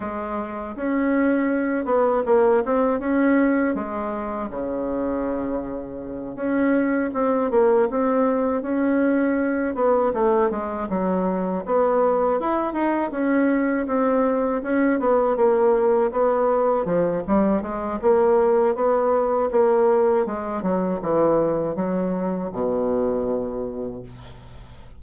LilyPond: \new Staff \with { instrumentName = "bassoon" } { \time 4/4 \tempo 4 = 80 gis4 cis'4. b8 ais8 c'8 | cis'4 gis4 cis2~ | cis8 cis'4 c'8 ais8 c'4 cis'8~ | cis'4 b8 a8 gis8 fis4 b8~ |
b8 e'8 dis'8 cis'4 c'4 cis'8 | b8 ais4 b4 f8 g8 gis8 | ais4 b4 ais4 gis8 fis8 | e4 fis4 b,2 | }